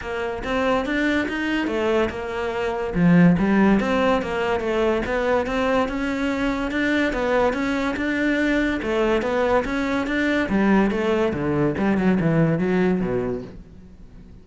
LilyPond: \new Staff \with { instrumentName = "cello" } { \time 4/4 \tempo 4 = 143 ais4 c'4 d'4 dis'4 | a4 ais2 f4 | g4 c'4 ais4 a4 | b4 c'4 cis'2 |
d'4 b4 cis'4 d'4~ | d'4 a4 b4 cis'4 | d'4 g4 a4 d4 | g8 fis8 e4 fis4 b,4 | }